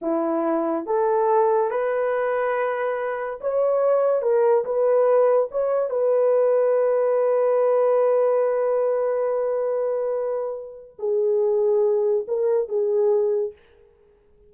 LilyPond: \new Staff \with { instrumentName = "horn" } { \time 4/4 \tempo 4 = 142 e'2 a'2 | b'1 | cis''2 ais'4 b'4~ | b'4 cis''4 b'2~ |
b'1~ | b'1~ | b'2 gis'2~ | gis'4 ais'4 gis'2 | }